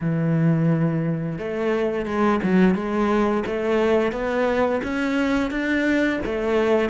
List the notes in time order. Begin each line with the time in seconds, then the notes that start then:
0.00 E3
1.38 A3
2.05 G#3
2.43 F#3
2.74 G#3
3.46 A3
4.12 B3
4.83 C#4
5.50 D4
6.25 A3